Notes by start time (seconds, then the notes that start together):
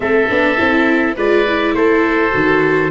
0.00 A3 C4 A4 E5
0.29 B3 D4
0.57 C4 E4
1.16 G#3 F4 B4 D5
1.48 E4
1.73 A3 A4 C5
2.31 D#3 F#4